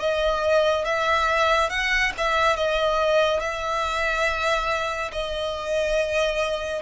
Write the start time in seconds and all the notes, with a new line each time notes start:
0.00 D#5
0.85 E5
1.70 F#5
2.18 E5
2.57 D#5
3.40 E5
5.13 D#5